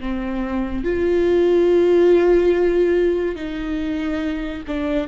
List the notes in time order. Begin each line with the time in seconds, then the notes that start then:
0.00 C4
0.84 F4
3.36 D#4
4.68 D4